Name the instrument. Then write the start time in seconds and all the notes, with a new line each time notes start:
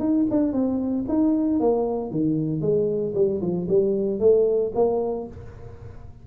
tuba
0.00 D#4
0.31 D4
0.53 C4
1.09 D#4
1.60 A#3
2.11 D#3
2.62 G#3
3.15 G3
3.42 F3
3.69 G3
4.20 A3
4.75 A#3